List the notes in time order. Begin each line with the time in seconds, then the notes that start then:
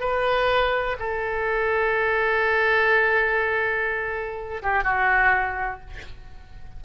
0.00 B4
0.99 A4
4.63 G4
4.84 F#4